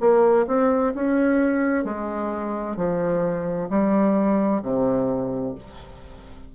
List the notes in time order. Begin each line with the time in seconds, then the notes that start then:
0.00 A#3
0.47 C4
0.95 C#4
1.85 G#3
2.77 F3
3.70 G3
4.62 C3